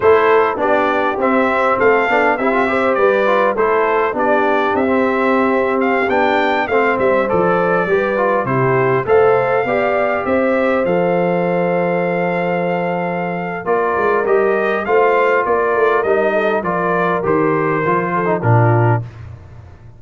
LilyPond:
<<
  \new Staff \with { instrumentName = "trumpet" } { \time 4/4 \tempo 4 = 101 c''4 d''4 e''4 f''4 | e''4 d''4 c''4 d''4 | e''4.~ e''16 f''8 g''4 f''8 e''16~ | e''16 d''2 c''4 f''8.~ |
f''4~ f''16 e''4 f''4.~ f''16~ | f''2. d''4 | dis''4 f''4 d''4 dis''4 | d''4 c''2 ais'4 | }
  \new Staff \with { instrumentName = "horn" } { \time 4/4 a'4 g'2 a'4 | g'8 c''8 b'4 a'4 g'4~ | g'2.~ g'16 c''8.~ | c''4~ c''16 b'4 g'4 c''8.~ |
c''16 d''4 c''2~ c''8.~ | c''2. ais'4~ | ais'4 c''4 ais'4. a'8 | ais'2~ ais'8 a'8 f'4 | }
  \new Staff \with { instrumentName = "trombone" } { \time 4/4 e'4 d'4 c'4. d'8 | e'16 f'16 g'4 f'8 e'4 d'4~ | d'16 c'2 d'4 c'8.~ | c'16 a'4 g'8 f'8 e'4 a'8.~ |
a'16 g'2 a'4.~ a'16~ | a'2. f'4 | g'4 f'2 dis'4 | f'4 g'4 f'8. dis'16 d'4 | }
  \new Staff \with { instrumentName = "tuba" } { \time 4/4 a4 b4 c'4 a8 b8 | c'4 g4 a4 b4 | c'2~ c'16 b4 a8 g16~ | g16 f4 g4 c4 a8.~ |
a16 b4 c'4 f4.~ f16~ | f2. ais8 gis8 | g4 a4 ais8 a8 g4 | f4 dis4 f4 ais,4 | }
>>